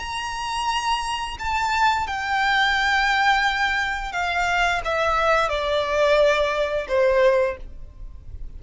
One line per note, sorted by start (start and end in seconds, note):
0.00 1.38 A#5
1.39 2.07 A5
2.07 4.13 G5
4.13 4.82 F5
4.85 5.49 E5
5.49 6.87 D5
6.88 7.57 C5